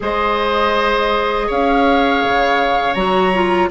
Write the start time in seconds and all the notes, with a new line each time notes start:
0.00 G#3 G#4 C5 D#5
1.47 C#4 C#5 F5
2.24 C#3
2.94 F#3 F#4 A#5
3.33 F4